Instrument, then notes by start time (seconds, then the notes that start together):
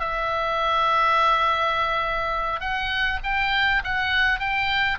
oboe
0.00 E5
2.61 F#5
3.24 G5
3.85 F#5
4.40 G5